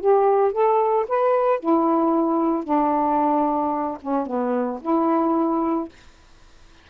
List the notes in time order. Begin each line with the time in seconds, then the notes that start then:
0.00 G4
0.52 A4
1.08 B4
1.60 E4
2.64 D4
4.01 C#4
4.26 B3
4.81 E4